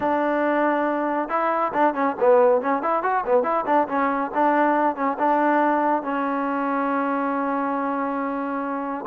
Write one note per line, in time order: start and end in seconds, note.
0.00 1.28 D4
1.28 1.71 E4
1.73 1.93 D4
1.93 2.15 C#4
2.20 2.61 B3
2.61 2.82 C#4
2.82 3.02 E4
3.02 3.24 F#4
3.26 3.43 B3
3.43 3.64 E4
3.66 3.87 D4
3.88 4.31 C#4
4.34 4.95 D4
4.95 5.17 C#4
5.18 6.03 D4
6.03 9.05 C#4